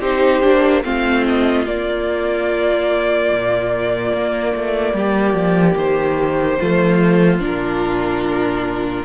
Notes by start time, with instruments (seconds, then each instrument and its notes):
0.00 cello C4, viola D#4, violin G4 C5
0.42 cello A#3, viola D4
0.83 cello A3, viola C4, violin F4 F5
1.27 violin D#5
1.66 cello A#3, viola A#3, violin D5
3.31 cello A#2
4.12 cello A#3
4.55 cello A3
4.93 cello G3, violin G4
5.34 cello F3
5.76 cello D#3, violin C5
6.59 cello F3, viola A3, violin F4
7.40 cello A#2, viola D4, violin A#4